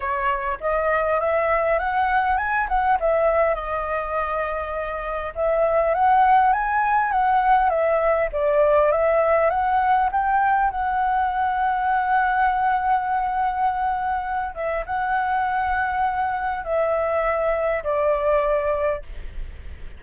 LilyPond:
\new Staff \with { instrumentName = "flute" } { \time 4/4 \tempo 4 = 101 cis''4 dis''4 e''4 fis''4 | gis''8 fis''8 e''4 dis''2~ | dis''4 e''4 fis''4 gis''4 | fis''4 e''4 d''4 e''4 |
fis''4 g''4 fis''2~ | fis''1~ | fis''8 e''8 fis''2. | e''2 d''2 | }